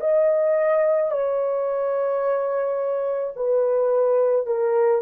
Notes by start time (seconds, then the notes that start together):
0.00 D#5
1.11 C#5
3.36 B4
4.46 A#4